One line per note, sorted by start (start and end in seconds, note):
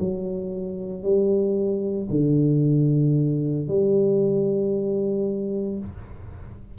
0.00 1.03 F#3
1.03 2.08 G3
2.11 3.68 D3
3.68 5.78 G3